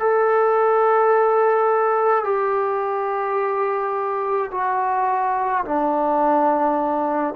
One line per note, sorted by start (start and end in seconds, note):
0.00 2.24 A4
2.24 4.51 G4
4.51 5.64 F#4
5.65 7.35 D4